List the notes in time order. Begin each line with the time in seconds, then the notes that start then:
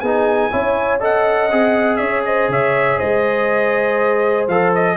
0.00 B3 D#4 G#4 G#5
0.51 C#4 E4 C#5
1.00 A4 D#5 F#5
1.51 C4 G#4
1.96 C#4 C#5 E5
2.25 C5 D#5
2.49 C#3 C#5 E5
2.99 G#3 C5 D#5
4.48 F3 A4 F5
4.75 D#5